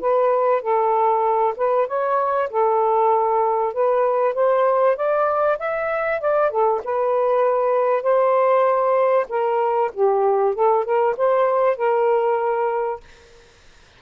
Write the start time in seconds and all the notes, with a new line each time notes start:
0.00 B4
0.62 A4
1.56 B4
1.87 C#5
2.50 A4
3.73 B4
4.34 C5
4.96 D5
5.59 E5
6.20 D5
6.50 A4
6.84 B4
8.02 C5
9.29 A#4
9.94 G4
10.55 A4
10.84 A#4
11.17 C5
11.77 A#4